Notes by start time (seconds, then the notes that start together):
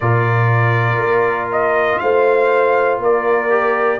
0.00 A#2 F4 A#4 D5
0.97 A#3
1.52 D#5
1.98 A3 C5 F5
2.98 A#3 A#4 D5
3.49 G4